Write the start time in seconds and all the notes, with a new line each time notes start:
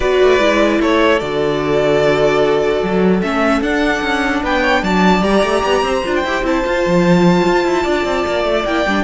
0.00 B3 F#4 B4 D5
0.22 A3
0.39 G#3 E4
0.80 A3 A4 C#5
1.19 D3 F#4 D5
2.82 F#3
3.21 A3 C#4 E5
3.61 D4 F#5
4.02 C#4
4.42 B3 B4 G5
4.61 C#5
4.82 F#3 D5 A5
5.22 G3 G4 A#5
5.43 A3
5.64 B3
5.82 C4 C5
6.04 D4 F4
6.15 G5
6.24 E4 G4
6.42 C4 E4 A5
6.64 F4
6.86 F3
7.45 F4
7.65 E4
7.83 D4 D5
8.04 C4
8.26 A#3
8.44 A3
8.64 A#3 E4 G5
8.86 G3 D4